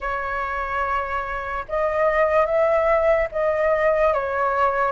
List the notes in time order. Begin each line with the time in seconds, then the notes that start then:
0.00 C#5
1.68 D#5
2.45 E5
3.31 D#5
4.13 C#5